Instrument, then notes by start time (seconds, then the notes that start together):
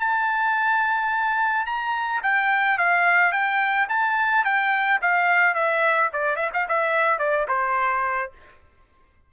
trumpet
0.00 A5
1.66 A#5
2.23 G5
2.78 F5
3.32 G5
3.89 A5
4.44 G5
5.02 F5
5.55 E5
6.13 D5
6.36 E5
6.54 F5
6.68 E5
7.19 D5
7.48 C5